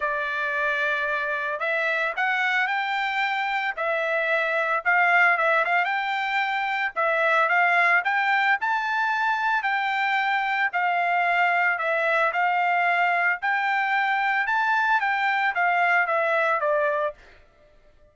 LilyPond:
\new Staff \with { instrumentName = "trumpet" } { \time 4/4 \tempo 4 = 112 d''2. e''4 | fis''4 g''2 e''4~ | e''4 f''4 e''8 f''8 g''4~ | g''4 e''4 f''4 g''4 |
a''2 g''2 | f''2 e''4 f''4~ | f''4 g''2 a''4 | g''4 f''4 e''4 d''4 | }